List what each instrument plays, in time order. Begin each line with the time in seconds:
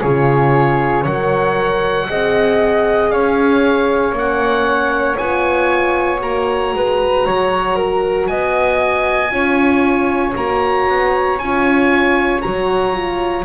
0.00 double bass C#3, horn F4, flute G#4, oboe C#5
1.02 double bass F#3, horn A#4, flute C#5, oboe F#5
2.08 double bass C4, horn G#4, flute D#5
3.10 double bass C#4, flute C#5, oboe F5
4.12 double bass A#3, horn C#4, oboe F#5
5.17 double bass B3, horn F4, oboe G#5
6.18 double bass A#3, horn F#4, oboe A#5
6.74 double bass G#3, flute B4
7.25 double bass F#3, flute C#5
7.75 flute A#4
8.27 double bass B3, flute D#5, oboe G#5
9.30 double bass C#4, horn F4, flute C#5
10.36 double bass A#3, horn F#4, oboe A#5
10.87 double bass B3
11.39 double bass C#4, horn F4, oboe G#5
12.42 double bass F#3, horn F#4, oboe A#5
12.93 horn F4